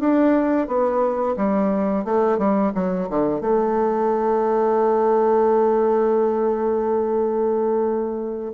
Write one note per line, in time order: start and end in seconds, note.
0.00 0.67 D4
0.67 1.35 B3
1.37 2.05 G3
2.05 2.38 A3
2.38 2.72 G3
2.75 3.09 F#3
3.09 3.41 D3
3.41 8.52 A3